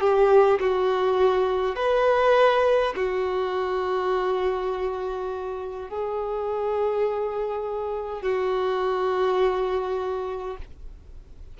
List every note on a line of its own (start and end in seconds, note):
0.00 0.59 G4
0.59 1.75 F#4
1.75 2.93 B4
2.96 5.89 F#4
5.89 8.22 G#4
8.22 10.57 F#4